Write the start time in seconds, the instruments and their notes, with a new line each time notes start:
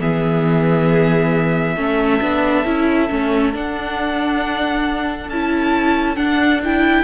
0.00 cello E3, viola B3, violin G#4 E5
1.75 cello A3, viola C#4, violin A4
2.21 cello B3, viola D4
2.65 cello C#4, viola E4
3.09 cello A3, viola C#4
3.53 viola D4, cello D4, violin F#5
5.29 cello C#4, viola E4, violin A5
6.16 viola D4, cello D4, violin F#5
6.64 viola E4, violin G5